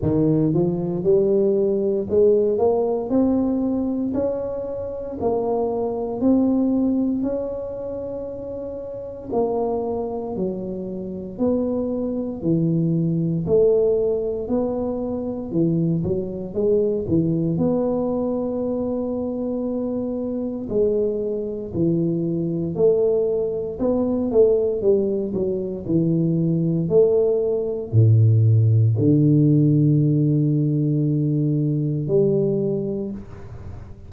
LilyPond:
\new Staff \with { instrumentName = "tuba" } { \time 4/4 \tempo 4 = 58 dis8 f8 g4 gis8 ais8 c'4 | cis'4 ais4 c'4 cis'4~ | cis'4 ais4 fis4 b4 | e4 a4 b4 e8 fis8 |
gis8 e8 b2. | gis4 e4 a4 b8 a8 | g8 fis8 e4 a4 a,4 | d2. g4 | }